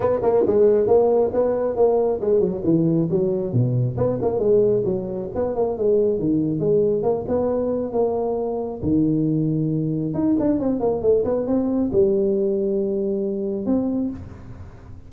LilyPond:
\new Staff \with { instrumentName = "tuba" } { \time 4/4 \tempo 4 = 136 b8 ais8 gis4 ais4 b4 | ais4 gis8 fis8 e4 fis4 | b,4 b8 ais8 gis4 fis4 | b8 ais8 gis4 dis4 gis4 |
ais8 b4. ais2 | dis2. dis'8 d'8 | c'8 ais8 a8 b8 c'4 g4~ | g2. c'4 | }